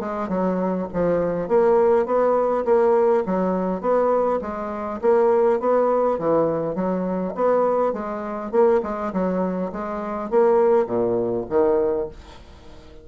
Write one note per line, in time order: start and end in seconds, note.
0.00 0.29 G#3
0.29 0.88 F#3
0.93 1.49 F3
1.49 2.06 A#3
2.06 2.65 B3
2.65 3.24 A#3
3.26 3.81 F#3
3.81 4.40 B3
4.42 5.01 G#3
5.02 5.60 A#3
5.60 6.19 B3
6.19 6.75 E3
6.75 7.34 F#3
7.36 7.93 B3
7.93 8.52 G#3
8.52 8.81 A#3
8.83 9.13 G#3
9.14 9.72 F#3
9.72 10.30 G#3
10.30 10.87 A#3
10.87 11.46 A#2
11.50 12.09 D#3